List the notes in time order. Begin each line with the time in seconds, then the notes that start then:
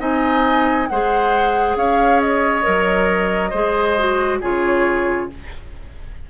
0.00 C4 D#4 D#5 G#5
0.88 G#3 G#4 C5 F#5
1.76 C#4 C#5 F5
2.21 D#5
2.63 F#3 A#4
3.50 G#3 G#4 C5
3.98 F#4
4.41 C#3 F4 G#4 C#5